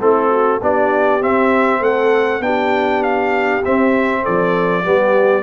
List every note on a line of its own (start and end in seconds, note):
0.00 0.61 A3
0.00 0.61 C4
0.00 0.30 E4
0.00 0.62 A4
0.30 0.60 F#4
0.62 1.22 B3
0.62 1.21 D4
0.62 1.81 G4
0.62 1.23 D5
1.21 2.41 C4
1.21 1.81 C4
1.21 1.83 E5
1.81 2.40 A3
1.81 2.42 A4
1.81 2.43 F#5
2.40 3.61 B3
2.40 3.62 D4
2.40 4.22 G4
2.40 3.03 G5
3.03 3.64 F5
3.65 4.84 C4
3.65 4.26 C4
3.65 4.25 E5
4.22 4.85 F3
4.22 4.83 A4
4.22 5.43 D5
4.84 5.43 G3
4.84 5.43 B3
4.84 5.43 G4